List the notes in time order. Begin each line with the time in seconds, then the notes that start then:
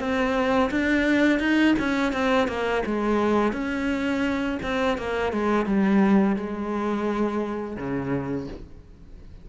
0.00 C4
0.71 D4
1.40 D#4
1.79 C#4
2.13 C4
2.48 A#3
2.86 G#3
3.53 C#4
4.63 C4
4.98 A#3
5.33 G#3
5.66 G3
6.37 G#3
7.77 C#3